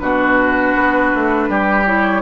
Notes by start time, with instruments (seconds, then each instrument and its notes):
0.00 bassoon B2, clarinet D4, oboe F#4, flute B4
0.75 bassoon B3
1.15 bassoon A3
1.50 bassoon G3, oboe G4
1.86 clarinet E4, flute C#5